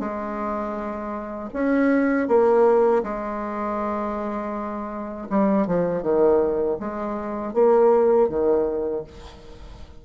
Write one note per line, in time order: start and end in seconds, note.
0.00 1.50 G#3
1.53 2.28 C#4
2.28 3.03 A#3
3.03 5.28 G#3
5.30 5.67 G3
5.67 6.03 F3
6.03 6.78 D#3
6.80 7.54 G#3
7.54 8.29 A#3
8.29 9.04 D#3